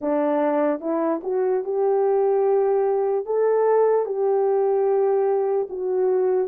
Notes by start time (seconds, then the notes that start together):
0.01 D4
0.80 E4
1.23 F#4
1.64 G4
3.25 A4
4.05 G4
5.69 F#4